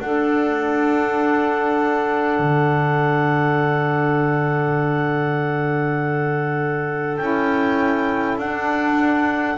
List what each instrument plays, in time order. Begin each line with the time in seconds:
0.00 double bass D4, saxophone D4, clarinet A4 F#5
2.39 double bass D3
7.17 double bass C#4, saxophone E4, clarinet G5
8.38 double bass D4, saxophone D4, clarinet F#5